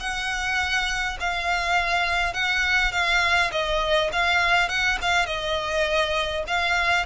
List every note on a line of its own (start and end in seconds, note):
0.00 1.18 F#5
1.20 2.33 F5
2.33 2.92 F#5
2.92 3.51 F5
3.52 4.10 D#5
4.13 4.69 F5
4.69 4.98 F#5
5.02 5.26 F5
5.26 6.44 D#5
6.47 7.06 F5